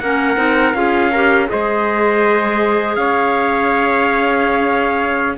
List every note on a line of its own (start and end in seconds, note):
0.00 0.37 A#3
0.00 0.36 C#4
0.00 0.77 A#4
0.00 0.74 F#5
0.36 0.74 C4
0.36 0.73 D#4
0.74 1.48 C#4
0.74 1.11 F4
0.74 1.11 G#4
0.74 1.48 F5
1.11 1.48 G4
1.11 1.48 A#4
1.48 2.96 G#3
1.48 5.37 G#4
1.48 2.99 C5
1.48 2.95 D#5
2.95 5.37 C#4
2.95 5.38 C#5
2.95 5.36 F5